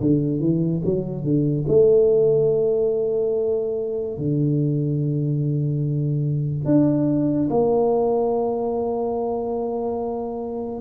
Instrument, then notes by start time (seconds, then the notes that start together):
tuba
0.00 D3
0.40 E3
0.85 F#3
1.23 D3
1.68 A3
4.18 D3
6.65 D4
7.50 A#3